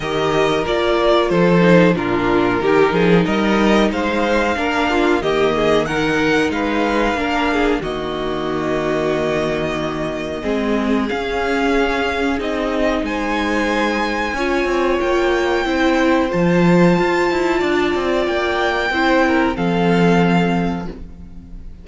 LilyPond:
<<
  \new Staff \with { instrumentName = "violin" } { \time 4/4 \tempo 4 = 92 dis''4 d''4 c''4 ais'4~ | ais'4 dis''4 f''2 | dis''4 fis''4 f''2 | dis''1~ |
dis''4 f''2 dis''4 | gis''2. g''4~ | g''4 a''2. | g''2 f''2 | }
  \new Staff \with { instrumentName = "violin" } { \time 4/4 ais'2 a'4 f'4 | g'8 gis'8 ais'4 c''4 ais'8 f'8 | g'8 gis'8 ais'4 b'4 ais'8 gis'8 | fis'1 |
gis'1 | c''2 cis''2 | c''2. d''4~ | d''4 c''8 ais'8 a'2 | }
  \new Staff \with { instrumentName = "viola" } { \time 4/4 g'4 f'4. dis'8 d'4 | dis'2. d'4 | ais4 dis'2 d'4 | ais1 |
c'4 cis'2 dis'4~ | dis'2 f'2 | e'4 f'2.~ | f'4 e'4 c'2 | }
  \new Staff \with { instrumentName = "cello" } { \time 4/4 dis4 ais4 f4 ais,4 | dis8 f8 g4 gis4 ais4 | dis2 gis4 ais4 | dis1 |
gis4 cis'2 c'4 | gis2 cis'8 c'8 ais4 | c'4 f4 f'8 e'8 d'8 c'8 | ais4 c'4 f2 | }
>>